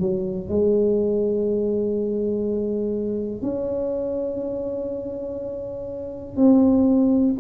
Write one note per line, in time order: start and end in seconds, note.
0.00 0.49 F#3
0.49 3.42 G#3
3.42 6.37 C#4
6.37 7.35 C4